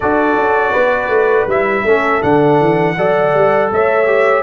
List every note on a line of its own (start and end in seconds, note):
0.00 0.35 D4
0.00 1.50 F#4
0.00 0.72 A4
0.00 1.48 D5
0.35 0.72 C#4
0.72 1.08 B3
0.72 1.83 B4
1.08 1.46 A3
1.46 1.83 G3
1.46 1.86 E4
1.46 2.22 E5
1.84 2.21 A3
1.84 2.21 C#4
1.84 2.96 A4
2.21 2.60 D3
2.21 2.95 D4
2.21 3.70 F#5
2.60 2.97 E3
2.97 3.33 F#3
2.97 4.06 A4
2.97 3.71 D5
3.33 3.70 G3
3.71 4.43 A3
3.71 4.43 C#5
3.71 4.43 E5
4.06 4.43 G4